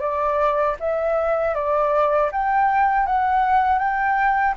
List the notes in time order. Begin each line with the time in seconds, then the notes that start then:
0.00 D5
0.80 E5
1.55 D5
2.32 G5
3.06 F#5
3.79 G5